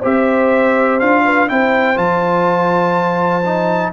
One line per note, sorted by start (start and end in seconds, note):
0.00 1.01 C4
0.00 1.00 G4
0.00 1.22 C5
0.00 1.00 E5
1.00 1.50 D4
1.00 1.49 F4
1.00 1.49 F5
1.25 1.49 B4
1.49 1.97 C4
1.49 1.96 E4
1.49 3.93 C5
1.49 1.97 G5
1.96 3.92 F3
1.96 3.42 F4
1.96 3.93 A5
3.45 3.93 D#4